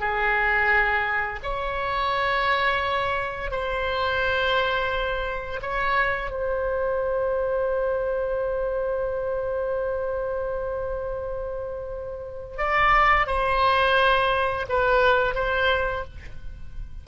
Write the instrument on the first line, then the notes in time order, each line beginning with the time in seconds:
oboe
0.00 G#4
1.43 C#5
3.51 C5
5.62 C#5
6.31 C5
12.58 D5
13.27 C5
14.69 B4
15.35 C5